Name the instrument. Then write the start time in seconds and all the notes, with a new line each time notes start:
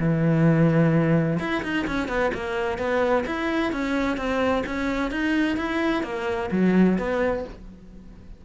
cello
0.00 E3
1.40 E4
1.63 D#4
1.88 C#4
2.09 B3
2.35 A#3
2.78 B3
3.27 E4
3.73 C#4
4.17 C4
4.66 C#4
5.11 D#4
5.57 E4
6.04 A#3
6.52 F#3
6.99 B3